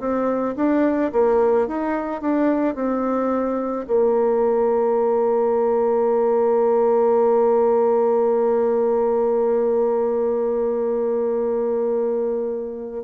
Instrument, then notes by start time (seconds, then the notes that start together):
bassoon
0.00 C4
0.56 D4
1.13 A#3
1.68 D#4
2.21 D4
2.75 C4
3.87 A#3